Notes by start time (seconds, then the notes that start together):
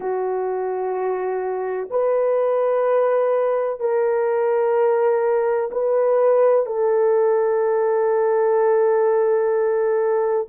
0.00 F#4
1.90 B4
3.80 A#4
5.71 B4
6.66 A4